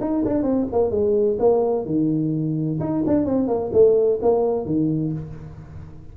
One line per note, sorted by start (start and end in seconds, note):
0.00 0.23 D#4
0.25 0.43 D4
0.43 0.66 C4
0.72 0.91 A#3
0.91 1.37 G#3
1.39 1.85 A#3
1.85 2.79 D#3
2.80 3.03 D#4
3.07 3.25 D4
3.25 3.47 C4
3.47 3.71 A#3
3.72 4.19 A3
4.22 4.65 A#3
4.65 5.12 D#3